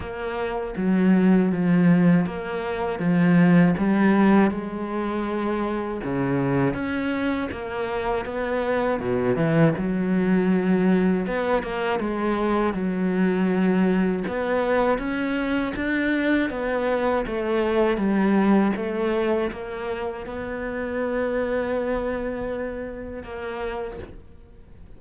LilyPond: \new Staff \with { instrumentName = "cello" } { \time 4/4 \tempo 4 = 80 ais4 fis4 f4 ais4 | f4 g4 gis2 | cis4 cis'4 ais4 b4 | b,8 e8 fis2 b8 ais8 |
gis4 fis2 b4 | cis'4 d'4 b4 a4 | g4 a4 ais4 b4~ | b2. ais4 | }